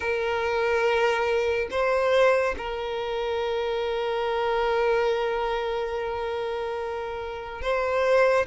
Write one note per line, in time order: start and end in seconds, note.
0.00 1.68 A#4
1.70 2.55 C5
2.57 7.61 A#4
7.61 8.46 C5